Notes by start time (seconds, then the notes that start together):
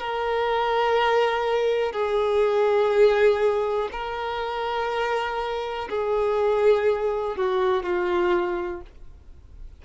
0.00 A#4
1.93 G#4
3.93 A#4
5.90 G#4
7.37 F#4
7.84 F4